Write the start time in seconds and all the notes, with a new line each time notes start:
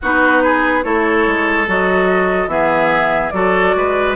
0.01 B3 D#4 F#4 B4
0.43 G#4
0.83 A3 E4 A4 C#5
1.26 G#3
1.67 F#3 F#4 D#5
2.47 E3 B3 G#4 E5
3.30 F#3 F#4 A4 D5
3.75 G#3 B4